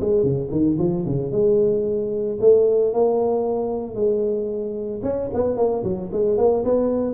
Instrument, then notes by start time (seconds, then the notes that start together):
tuba
0.00 G#3
0.23 C#3
0.51 D#3
0.78 F3
1.05 C#3
1.32 G#3
2.40 A3
2.93 A#3
3.94 G#3
5.02 C#4
5.33 B3
5.57 A#3
5.84 F#3
6.12 G#3
6.37 A#3
6.64 B3